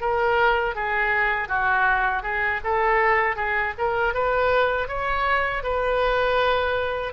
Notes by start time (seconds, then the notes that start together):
0.00 A#4
0.75 G#4
1.48 F#4
2.23 G#4
2.64 A4
3.35 G#4
3.78 A#4
4.14 B4
4.88 C#5
5.62 B4